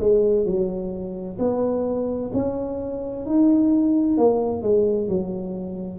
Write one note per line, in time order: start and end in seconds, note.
0.00 0.46 G#3
0.46 1.38 F#3
1.39 2.31 B3
2.34 3.26 C#4
3.26 4.18 D#4
4.18 4.62 A#3
4.62 5.09 G#3
5.09 6.00 F#3